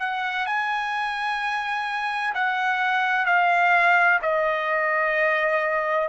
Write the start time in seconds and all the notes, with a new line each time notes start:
0.00 F#5
0.46 G#5
2.35 F#5
3.26 F5
4.22 D#5